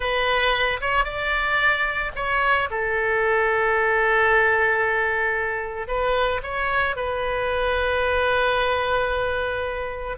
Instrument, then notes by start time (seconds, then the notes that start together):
oboe
0.00 B4
0.80 C#5
1.04 D5
2.15 C#5
2.70 A4
5.87 B4
6.42 C#5
6.96 B4